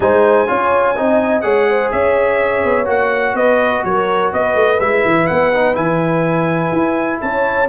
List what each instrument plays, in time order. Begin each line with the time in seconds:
0.00 tuba G#3, trombone D#4, horn C5, trumpet G#5
0.47 tuba C#4, trombone F4, horn C#5
0.96 tuba C4, trombone D#4, horn D#5
1.41 tuba G#3, trombone G#4, horn C#5, trumpet F#5
1.69 horn C5
1.91 tuba C#4, horn C#5, trumpet E5
2.64 tuba B3
2.85 tuba A#3, trombone F#4, trumpet F#5
3.34 tuba B3, horn B4, trumpet D#5
3.84 tuba F#3, horn A#4, trumpet C#5
4.33 tuba B3, horn B4, trumpet D#5
4.55 tuba A3
4.79 tuba G#3, trombone E4, trumpet E5
5.05 tuba E3
5.26 tuba B3, trumpet F#5
5.53 trombone D#4
5.74 tuba E3, trombone E4, trumpet G#5
6.72 tuba E4
7.21 tuba C#4, horn C#5, trumpet A5